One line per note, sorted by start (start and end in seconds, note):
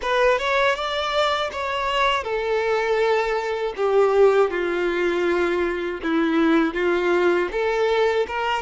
0.02 0.38 B4
0.38 0.75 C#5
0.75 1.50 D5
1.52 2.23 C#5
2.23 3.73 A4
3.76 4.50 G4
4.50 6.00 F4
6.02 6.73 E4
6.73 7.48 F4
7.51 8.26 A4
8.27 8.62 A#4